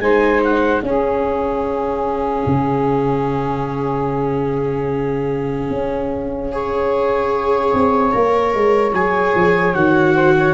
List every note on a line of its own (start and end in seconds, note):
0.00 0.81 G#3
0.00 0.83 D#4
0.00 0.83 C5
0.00 0.41 G#5
0.44 0.82 F#5
0.82 2.45 C#4
0.82 6.52 C#4
0.82 6.53 G#4
0.82 8.93 F5
2.46 5.70 C#3
5.70 7.73 C#4
6.52 8.12 G#4
6.52 10.15 C#5
7.73 8.14 C4
8.12 8.55 A#3
8.12 8.93 A#4
8.55 8.93 G#3
8.93 9.34 F#3
8.93 9.75 G#4
8.93 9.75 G#5
9.35 9.75 F3
9.75 10.54 D#3
9.75 10.54 F#4
9.75 10.54 F#5
10.15 10.35 C5
10.37 10.54 C#5